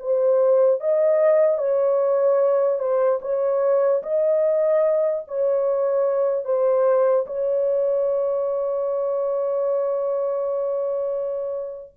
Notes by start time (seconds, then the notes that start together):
0.00 C5
0.81 D#5
1.58 C#5
2.79 C5
3.22 C#5
4.03 D#5
5.28 C#5
6.45 C5
7.27 C#5